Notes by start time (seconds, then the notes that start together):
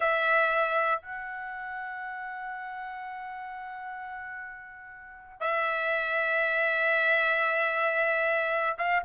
0.00 E5
1.01 F#5
5.40 E5
8.77 F5